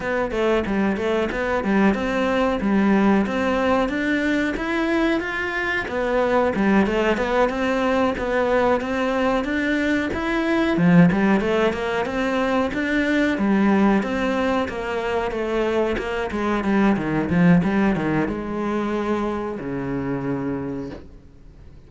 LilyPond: \new Staff \with { instrumentName = "cello" } { \time 4/4 \tempo 4 = 92 b8 a8 g8 a8 b8 g8 c'4 | g4 c'4 d'4 e'4 | f'4 b4 g8 a8 b8 c'8~ | c'8 b4 c'4 d'4 e'8~ |
e'8 f8 g8 a8 ais8 c'4 d'8~ | d'8 g4 c'4 ais4 a8~ | a8 ais8 gis8 g8 dis8 f8 g8 dis8 | gis2 cis2 | }